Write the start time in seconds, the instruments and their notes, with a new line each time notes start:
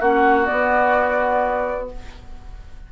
0.00 bassoon A#3, clarinet C#4, oboe F#4, flute F#5
0.45 clarinet B3, flute D5
0.51 bassoon B3